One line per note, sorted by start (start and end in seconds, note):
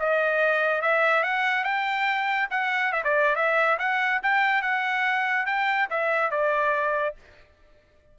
0.00 0.82 D#5
0.82 1.23 E5
1.23 1.65 F#5
1.65 2.49 G5
2.51 2.93 F#5
2.93 3.03 E5
3.05 3.36 D5
3.36 3.78 E5
3.79 4.22 F#5
4.23 4.62 G5
4.62 5.47 F#5
5.47 5.89 G5
5.91 6.31 E5
6.31 7.16 D5